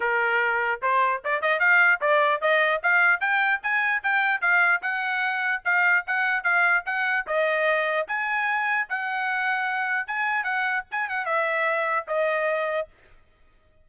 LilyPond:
\new Staff \with { instrumentName = "trumpet" } { \time 4/4 \tempo 4 = 149 ais'2 c''4 d''8 dis''8 | f''4 d''4 dis''4 f''4 | g''4 gis''4 g''4 f''4 | fis''2 f''4 fis''4 |
f''4 fis''4 dis''2 | gis''2 fis''2~ | fis''4 gis''4 fis''4 gis''8 fis''8 | e''2 dis''2 | }